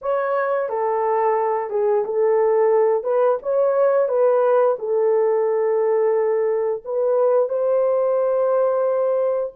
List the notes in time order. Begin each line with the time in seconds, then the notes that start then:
0.01 C#5
0.68 A4
1.70 G#4
2.04 A4
3.03 B4
3.42 C#5
4.08 B4
4.79 A4
6.84 B4
7.48 C5